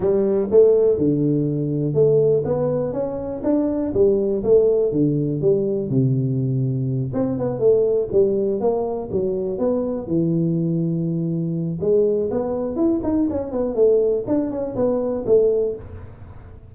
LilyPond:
\new Staff \with { instrumentName = "tuba" } { \time 4/4 \tempo 4 = 122 g4 a4 d2 | a4 b4 cis'4 d'4 | g4 a4 d4 g4 | c2~ c8 c'8 b8 a8~ |
a8 g4 ais4 fis4 b8~ | b8 e2.~ e8 | gis4 b4 e'8 dis'8 cis'8 b8 | a4 d'8 cis'8 b4 a4 | }